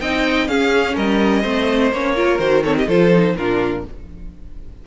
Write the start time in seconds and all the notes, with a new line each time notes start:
0.00 C4 D#4 D#5 G5
0.48 C#4 G#4 F5
0.94 G3 A#4 D#5
1.41 A3 C4 C5
1.91 A#3 C#4 C#5
2.15 F4 A#4
2.39 D#3 F#4 C5
2.64 C4 A4 C#5
2.76 G4 D#5
2.87 F3 F4 A4 C5
3.12 D#4
3.36 A#2 D4 F4 A#4